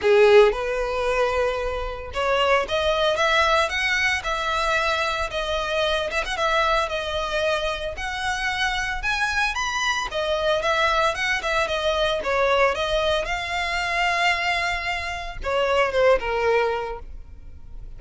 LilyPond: \new Staff \with { instrumentName = "violin" } { \time 4/4 \tempo 4 = 113 gis'4 b'2. | cis''4 dis''4 e''4 fis''4 | e''2 dis''4. e''16 fis''16 | e''4 dis''2 fis''4~ |
fis''4 gis''4 b''4 dis''4 | e''4 fis''8 e''8 dis''4 cis''4 | dis''4 f''2.~ | f''4 cis''4 c''8 ais'4. | }